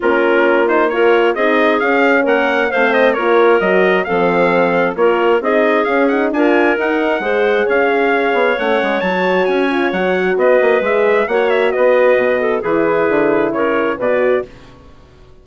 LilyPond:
<<
  \new Staff \with { instrumentName = "trumpet" } { \time 4/4 \tempo 4 = 133 ais'4. c''8 cis''4 dis''4 | f''4 fis''4 f''8 dis''8 cis''4 | dis''4 f''2 cis''4 | dis''4 f''8 fis''8 gis''4 fis''4~ |
fis''4 f''2 fis''4 | a''4 gis''4 fis''4 dis''4 | e''4 fis''8 e''8 dis''2 | b'2 cis''4 d''4 | }
  \new Staff \with { instrumentName = "clarinet" } { \time 4/4 f'2 ais'4 gis'4~ | gis'4 ais'4 c''4 ais'4~ | ais'4 a'2 ais'4 | gis'2 ais'2 |
c''4 cis''2.~ | cis''2. b'4~ | b'4 cis''4 b'4. a'8 | gis'2 ais'4 b'4 | }
  \new Staff \with { instrumentName = "horn" } { \time 4/4 cis'4. dis'8 f'4 dis'4 | cis'2 c'4 f'4 | fis'4 c'2 f'4 | dis'4 cis'8 dis'8 f'4 dis'4 |
gis'2. cis'4 | fis'4. f'8 fis'2 | gis'4 fis'2. | e'2. fis'4 | }
  \new Staff \with { instrumentName = "bassoon" } { \time 4/4 ais2. c'4 | cis'4 ais4 a4 ais4 | fis4 f2 ais4 | c'4 cis'4 d'4 dis'4 |
gis4 cis'4. b8 a8 gis8 | fis4 cis'4 fis4 b8 ais8 | gis4 ais4 b4 b,4 | e4 d4 cis4 b,4 | }
>>